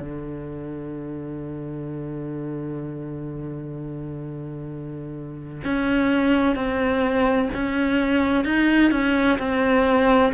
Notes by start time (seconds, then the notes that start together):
0.00 D3
5.64 C#4
6.55 C4
7.54 C#4
8.45 D#4
8.91 C#4
9.39 C4